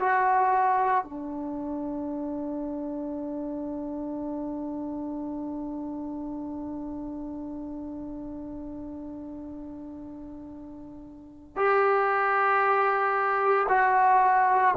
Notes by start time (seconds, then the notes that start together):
0.00 F#4
1.04 D4
11.57 G4
13.69 F#4